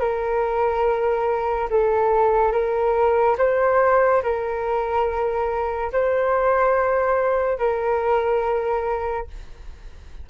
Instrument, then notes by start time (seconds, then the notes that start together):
flute
0.00 A#4
1.70 A4
2.52 A#4
3.38 C5
4.23 A#4
5.92 C5
7.58 A#4